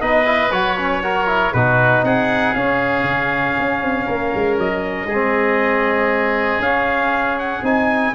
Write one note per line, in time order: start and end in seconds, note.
0.00 0.51 B3
0.00 0.25 D#4
0.00 1.02 B4
0.00 0.51 D#5
0.25 0.50 E4
0.51 1.52 F#3
0.51 0.77 F#4
0.51 1.52 C#5
0.77 1.02 C#4
1.02 1.27 F#4
1.02 1.53 A#4
1.27 1.52 E4
1.52 2.02 B2
1.52 2.55 D#4
1.52 2.04 F#4
1.52 2.03 B4
2.02 2.53 C4
2.02 4.06 G#4
2.02 2.54 F#5
2.54 3.03 C#4
2.54 5.09 C#4
2.54 4.58 F5
3.03 3.54 C#3
3.59 3.81 C#4
3.81 4.07 C4
4.06 4.32 A#3
4.06 5.07 A#4
4.34 4.58 G#3
4.58 5.06 F#3
4.58 6.61 D#5
5.06 6.59 G#3
5.06 8.12 G#4
5.13 6.63 C4
6.59 7.60 C#4
6.59 7.63 C#4
6.59 7.38 F5
7.38 7.64 F#5
7.62 8.13 C4
7.62 8.14 D#4
7.62 8.14 G#5